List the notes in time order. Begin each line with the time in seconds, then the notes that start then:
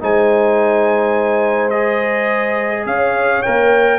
0.00 G#3 D#4 C5 G#5
1.70 G#4 D#5
2.86 C#4 C#5 F5
3.43 A#3 A#4 G5